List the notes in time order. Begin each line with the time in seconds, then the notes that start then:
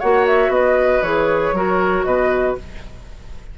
0.00 A#3 F#4 C#5 F#5
0.27 E5
0.49 B3 B4 D#5
1.03 E3 G#4 C#5
1.53 F#3 F#4 A#4
2.04 B2 B4 D#5